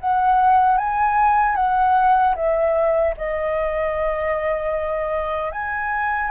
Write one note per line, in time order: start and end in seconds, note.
0.00 0.78 F#5
0.78 1.56 G#5
1.56 2.35 F#5
2.35 3.14 E5
3.17 5.52 D#5
5.52 6.31 G#5